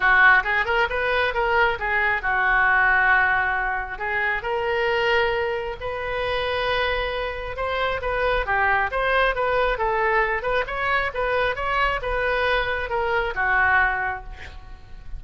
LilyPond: \new Staff \with { instrumentName = "oboe" } { \time 4/4 \tempo 4 = 135 fis'4 gis'8 ais'8 b'4 ais'4 | gis'4 fis'2.~ | fis'4 gis'4 ais'2~ | ais'4 b'2.~ |
b'4 c''4 b'4 g'4 | c''4 b'4 a'4. b'8 | cis''4 b'4 cis''4 b'4~ | b'4 ais'4 fis'2 | }